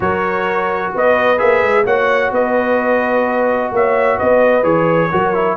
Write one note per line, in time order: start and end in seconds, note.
0.00 0.91 F#3
0.00 1.37 F#4
0.00 0.94 A#4
0.00 0.93 C#5
0.94 1.41 B3
0.94 1.84 B4
0.94 1.38 D#5
1.37 1.62 A#3
1.37 1.84 G#4
1.37 1.85 E5
1.62 1.85 G#3
1.84 2.31 A#3
1.84 4.63 F#4
1.84 2.31 C#5
1.84 2.33 F#5
2.31 3.70 B3
2.31 3.72 B4
2.31 3.73 D#5
3.72 4.18 A#3
3.72 4.16 C#5
3.72 4.18 E5
4.16 4.63 B3
4.16 5.09 B4
4.16 4.64 D#5
4.63 5.09 E3
4.63 5.09 G#4
4.63 5.57 C#5
5.11 5.57 F#3
5.11 5.34 F#4
5.11 5.57 A#4
5.34 5.57 E4